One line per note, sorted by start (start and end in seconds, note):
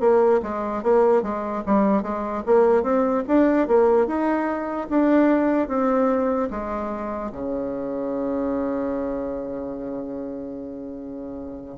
0.00 0.41 A#3
0.43 0.83 G#3
0.83 1.23 A#3
1.23 1.63 G#3
1.67 2.03 G3
2.03 2.43 G#3
2.47 2.83 A#3
2.83 3.24 C4
3.28 3.68 D4
3.68 4.07 A#3
4.07 4.88 D#4
4.90 5.68 D4
5.68 6.49 C4
6.51 7.32 G#3
7.32 11.78 C#3